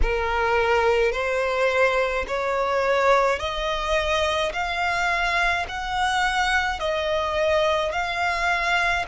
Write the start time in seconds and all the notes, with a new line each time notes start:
0.02 A#4
1.12 C5
2.27 C#5
3.39 D#5
4.52 F5
5.68 F#5
6.79 D#5
7.91 F5